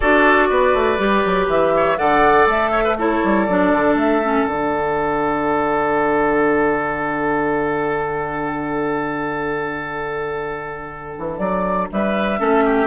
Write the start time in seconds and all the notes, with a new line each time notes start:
0.00 D4 F#4 A4 D5
0.49 B3 B4
0.74 A3
0.98 G3 G4
1.25 F#3
1.47 E3 E5
1.76 C#5
1.97 D3 A4 D5 F#5
2.46 A3 E5
2.71 C#5
2.83 B4
2.97 E4 A4 C#5
3.24 G3
3.45 F#3 D4 D5
3.72 D3
3.94 A3 E5
4.23 C#4
4.45 D3 D4 F#5
11.18 E3
11.38 F#3 D5
11.91 G3 B4 E5
12.39 A3 C#4 A4
12.64 G4